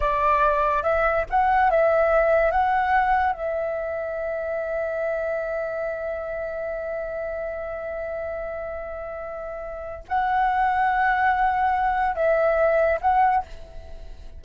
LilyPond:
\new Staff \with { instrumentName = "flute" } { \time 4/4 \tempo 4 = 143 d''2 e''4 fis''4 | e''2 fis''2 | e''1~ | e''1~ |
e''1~ | e''1 | fis''1~ | fis''4 e''2 fis''4 | }